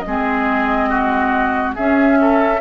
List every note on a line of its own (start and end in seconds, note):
0.00 1.71 D#5
0.07 1.78 G#3
0.07 1.77 C4
0.07 0.89 G#4
0.89 1.75 F#4
1.75 2.61 C#4
1.75 2.18 G#4
1.75 2.61 E5
2.21 2.61 A4